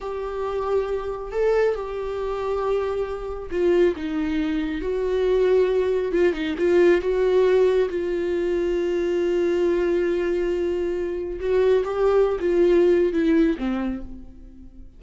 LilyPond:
\new Staff \with { instrumentName = "viola" } { \time 4/4 \tempo 4 = 137 g'2. a'4 | g'1 | f'4 dis'2 fis'4~ | fis'2 f'8 dis'8 f'4 |
fis'2 f'2~ | f'1~ | f'2 fis'4 g'4~ | g'16 f'4.~ f'16 e'4 c'4 | }